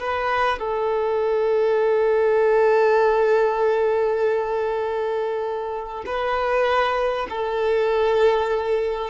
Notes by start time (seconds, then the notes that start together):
0.00 B4
0.59 A4
6.06 B4
7.30 A4